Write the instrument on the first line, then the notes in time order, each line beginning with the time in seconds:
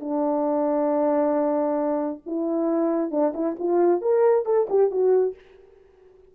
horn
0.00 D4
2.26 E4
3.10 D4
3.34 E4
3.59 F4
4.01 A#4
4.45 A4
4.69 G4
4.91 F#4